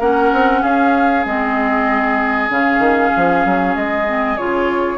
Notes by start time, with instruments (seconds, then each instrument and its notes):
0.00 bassoon A#3, clarinet C#4, oboe A#4, flute F#5
0.33 bassoon C4
0.62 bassoon C#4, oboe G#4, flute F5
1.26 bassoon G#3, clarinet C4, flute D#5
2.50 bassoon C#3, clarinet C#4, flute F5
2.79 bassoon D#3
3.17 bassoon F3
3.46 bassoon F#3
3.76 bassoon G#3, flute D#5
4.07 clarinet C4
4.38 bassoon C#3, clarinet F4, flute C#5